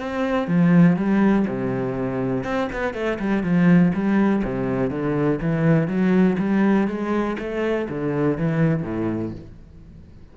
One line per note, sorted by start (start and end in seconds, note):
0.00 0.48 C4
0.48 0.97 F3
0.97 1.46 G3
1.48 2.44 C3
2.44 2.69 C4
2.73 2.94 B3
2.94 3.19 A3
3.20 3.44 G3
3.44 3.93 F3
3.94 4.44 G3
4.44 4.91 C3
4.91 5.40 D3
5.42 5.88 E3
5.88 6.37 F#3
6.39 6.88 G3
6.88 7.37 G#3
7.39 7.89 A3
7.90 8.38 D3
8.38 8.83 E3
8.83 9.32 A2